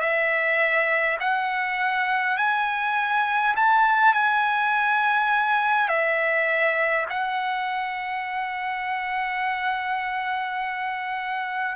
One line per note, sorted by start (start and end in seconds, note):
0.00 1.18 E5
1.20 2.37 F#5
2.37 3.55 G#5
3.56 4.14 A5
4.14 5.89 G#5
5.89 7.06 E5
7.10 11.76 F#5